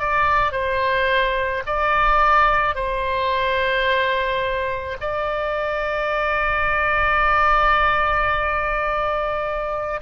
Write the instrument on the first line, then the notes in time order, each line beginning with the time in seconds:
oboe
0.00 D5
0.52 C5
1.67 D5
2.75 C5
5.01 D5